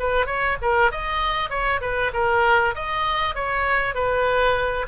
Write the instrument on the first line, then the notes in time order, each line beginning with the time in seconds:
oboe
0.00 B4
0.27 C#5
0.62 A#4
0.92 D#5
1.50 C#5
1.81 B4
2.14 A#4
2.76 D#5
3.36 C#5
3.95 B4